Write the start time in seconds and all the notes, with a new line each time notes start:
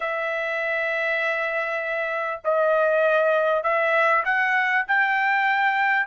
0.00 E5
2.44 D#5
3.63 E5
4.25 F#5
4.87 G5